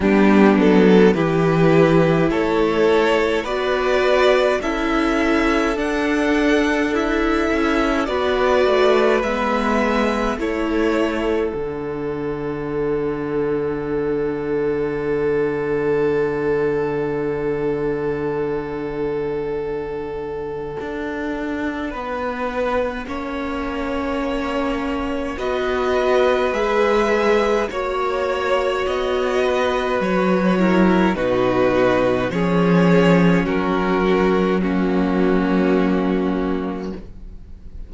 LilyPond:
<<
  \new Staff \with { instrumentName = "violin" } { \time 4/4 \tempo 4 = 52 g'8 a'8 b'4 cis''4 d''4 | e''4 fis''4 e''4 d''4 | e''4 cis''4 fis''2~ | fis''1~ |
fis''1~ | fis''2 dis''4 e''4 | cis''4 dis''4 cis''4 b'4 | cis''4 ais'4 fis'2 | }
  \new Staff \with { instrumentName = "violin" } { \time 4/4 d'4 g'4 a'4 b'4 | a'2. b'4~ | b'4 a'2.~ | a'1~ |
a'2. b'4 | cis''2 b'2 | cis''4. b'4 ais'8 fis'4 | gis'4 fis'4 cis'2 | }
  \new Staff \with { instrumentName = "viola" } { \time 4/4 b4 e'2 fis'4 | e'4 d'4 e'4 fis'4 | b4 e'4 d'2~ | d'1~ |
d'1 | cis'2 fis'4 gis'4 | fis'2~ fis'8 e'8 dis'4 | cis'2 ais2 | }
  \new Staff \with { instrumentName = "cello" } { \time 4/4 g8 fis8 e4 a4 b4 | cis'4 d'4. cis'8 b8 a8 | gis4 a4 d2~ | d1~ |
d2 d'4 b4 | ais2 b4 gis4 | ais4 b4 fis4 b,4 | f4 fis2. | }
>>